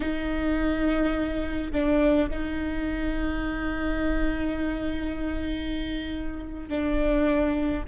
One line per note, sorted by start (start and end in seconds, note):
0.00 1.71 D#4
1.72 2.29 D4
2.29 6.68 D#4
6.68 7.83 D4